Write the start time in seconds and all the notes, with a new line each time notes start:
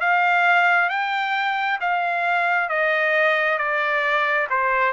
0.00 F5
0.90 G5
1.81 F5
2.69 D#5
3.58 D5
4.50 C5